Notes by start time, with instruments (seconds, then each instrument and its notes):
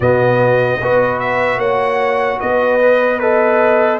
0.00 tuba B2, trombone B3, horn F#4, trumpet D#5
0.80 tuba B3, trombone F#4, horn B4
1.19 trumpet E5
1.57 tuba A#3, horn C#5, trumpet F#5
2.39 tuba B3, horn B4, trumpet D#5
2.82 trombone B4
3.19 trombone A4, trumpet B4, horn D#5